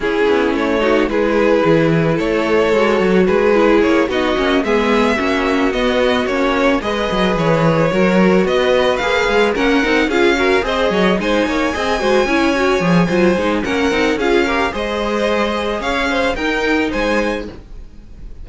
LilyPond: <<
  \new Staff \with { instrumentName = "violin" } { \time 4/4 \tempo 4 = 110 gis'4 cis''4 b'2 | cis''2 b'4 cis''8 dis''8~ | dis''8 e''2 dis''4 cis''8~ | cis''8 dis''4 cis''2 dis''8~ |
dis''8 f''4 fis''4 f''4 dis''8~ | dis''8 gis''2.~ gis''8~ | gis''4 fis''4 f''4 dis''4~ | dis''4 f''4 g''4 gis''4 | }
  \new Staff \with { instrumentName = "violin" } { \time 4/4 e'4. fis'8 gis'2 | a'2 gis'4. fis'8~ | fis'8 gis'4 fis'2~ fis'8~ | fis'8 b'2 ais'4 b'8~ |
b'4. ais'4 gis'8 ais'8 c''8 | cis''8 c''8 cis''8 dis''8 c''8 cis''4. | c''4 ais'4 gis'8 ais'8 c''4~ | c''4 cis''8 c''8 ais'4 c''4 | }
  \new Staff \with { instrumentName = "viola" } { \time 4/4 cis'4. dis'8 e'2~ | e'4 fis'4. e'4 dis'8 | cis'8 b4 cis'4 b4 cis'8~ | cis'8 gis'2 fis'4.~ |
fis'8 gis'4 cis'8 dis'8 f'8 fis'8 gis'8~ | gis'8 dis'4 gis'8 fis'8 e'8 fis'8 gis'8 | f'8 dis'8 cis'8 dis'8 f'8 g'8 gis'4~ | gis'2 dis'2 | }
  \new Staff \with { instrumentName = "cello" } { \time 4/4 cis'8 b8 a4 gis4 e4 | a4 gis8 fis8 gis4 ais8 b8 | ais8 gis4 ais4 b4 ais8~ | ais8 gis8 fis8 e4 fis4 b8~ |
b8 ais8 gis8 ais8 c'8 cis'4 c'8 | fis8 gis8 ais8 c'8 gis8 cis'4 f8 | fis8 gis8 ais8 c'8 cis'4 gis4~ | gis4 cis'4 dis'4 gis4 | }
>>